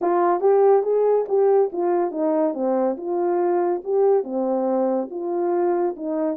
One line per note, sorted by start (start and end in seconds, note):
0.01 0.40 F4
0.40 0.83 G4
0.83 1.25 G#4
1.28 1.71 G4
1.72 2.11 F4
2.11 2.53 D#4
2.53 2.96 C4
2.97 3.82 F4
3.84 4.23 G4
4.23 5.09 C4
5.10 5.95 F4
5.96 6.37 D#4